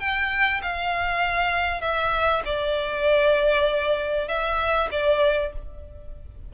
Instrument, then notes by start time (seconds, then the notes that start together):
violin
0.00 G5
0.63 F5
1.81 E5
2.45 D5
4.28 E5
4.91 D5